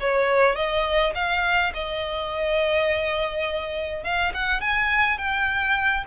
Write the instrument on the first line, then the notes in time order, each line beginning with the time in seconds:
violin
0.00 C#5
0.55 D#5
1.15 F5
1.74 D#5
4.03 F5
4.34 F#5
4.61 G#5
5.18 G5